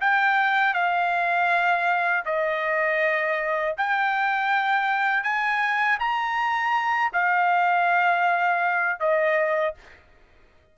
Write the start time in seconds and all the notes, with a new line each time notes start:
0.00 G5
0.73 F5
2.25 D#5
3.77 G5
5.23 G#5
5.99 A#5
7.12 F5
8.99 D#5